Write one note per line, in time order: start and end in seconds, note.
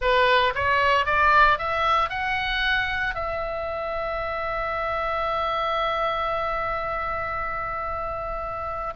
0.01 0.53 B4
0.55 1.05 C#5
1.05 1.58 D5
1.58 2.09 E5
2.09 3.14 F#5
3.14 8.93 E5